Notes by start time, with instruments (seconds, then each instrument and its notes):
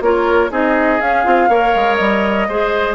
0.00 bassoon A#3, clarinet F4, oboe A#4, flute C#5
0.50 bassoon C4, clarinet D#4, oboe G#4, flute D#5
1.00 clarinet C#4, bassoon C#4, flute F5
1.24 bassoon C4, clarinet F4
1.48 bassoon A#3, clarinet A#4, oboe C#5
1.74 bassoon G#3
1.95 bassoon G3, flute D#5
2.48 bassoon G#3, clarinet G#4, oboe C5